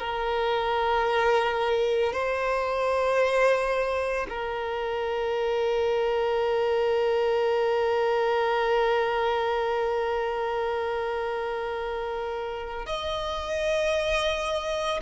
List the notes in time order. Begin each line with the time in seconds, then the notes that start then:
0.00 A#4
2.13 C5
4.30 A#4
12.87 D#5